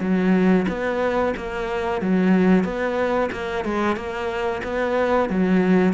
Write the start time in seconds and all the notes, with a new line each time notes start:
0.00 F#3
0.68 B3
1.37 A#3
2.01 F#3
2.64 B3
3.32 A#3
3.65 G#3
3.96 A#3
4.64 B3
5.30 F#3